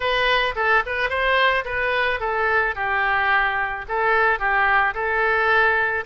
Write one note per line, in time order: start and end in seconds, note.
0.00 0.54 B4
0.55 0.83 A4
0.86 1.09 B4
1.09 1.64 C5
1.65 2.20 B4
2.20 2.75 A4
2.75 3.85 G4
3.88 4.39 A4
4.39 4.94 G4
4.94 6.04 A4